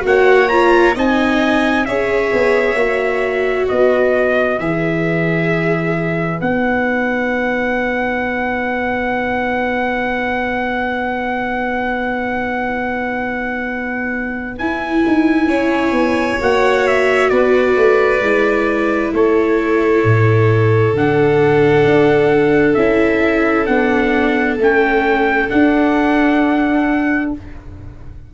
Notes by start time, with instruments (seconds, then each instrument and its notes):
0.00 tuba A#3, viola F#4, trumpet F#5
0.07 violin C#5
0.48 viola F4, trumpet A#5
0.94 tuba C4, viola D#4, violin D#5, trumpet G#5
1.85 tuba C#4, viola G#4, violin C#5, trumpet E5
2.32 tuba B3
2.73 tuba A#3, viola F#4
3.68 tuba B3, violin B4, trumpet D#5
4.58 tuba E3, viola G#4, trumpet E5
6.39 tuba B3, viola D#4, trumpet F#5
14.58 tuba E4, viola E4, trumpet G#5
15.06 tuba D#4
15.46 tuba C#4, violin C#5
15.91 tuba B3
16.39 tuba A#3, viola F#4, trumpet F#5
16.87 trumpet E5
17.29 tuba B3, violin B4, trumpet D5
17.76 tuba A3
18.20 tuba G#3, viola E4
19.12 tuba A3, violin A4, trumpet C#5
20.04 tuba A2
20.93 tuba D3, viola D4, trumpet F#5
21.84 tuba D4
22.74 tuba C#4, viola E4, trumpet E5
23.66 tuba B3, viola D4, trumpet F#5
24.58 tuba A3, viola C#4, trumpet G5
25.48 viola D4, tuba D4, trumpet F#5